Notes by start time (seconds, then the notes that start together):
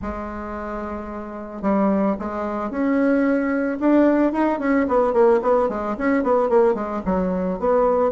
0.01 G#3
1.61 G3
2.19 G#3
2.70 C#4
3.80 D4
4.32 D#4
4.59 C#4
4.88 B3
5.13 A#3
5.42 B3
5.69 G#3
5.98 C#4
6.23 B3
6.49 A#3
6.74 G#3
7.05 F#3
7.59 B3